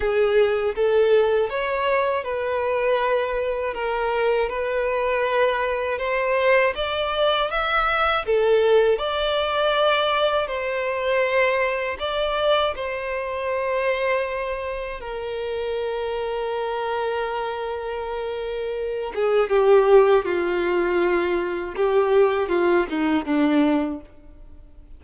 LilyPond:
\new Staff \with { instrumentName = "violin" } { \time 4/4 \tempo 4 = 80 gis'4 a'4 cis''4 b'4~ | b'4 ais'4 b'2 | c''4 d''4 e''4 a'4 | d''2 c''2 |
d''4 c''2. | ais'1~ | ais'4. gis'8 g'4 f'4~ | f'4 g'4 f'8 dis'8 d'4 | }